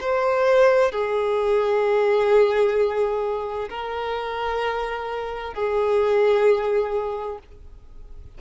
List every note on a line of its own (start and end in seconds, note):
0.00 0.91 C5
0.91 3.68 G#4
3.69 5.53 A#4
5.53 7.38 G#4